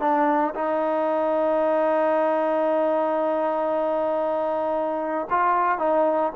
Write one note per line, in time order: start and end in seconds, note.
0.00 0.54 D4
0.55 5.28 D#4
5.30 5.78 F4
5.78 6.32 D#4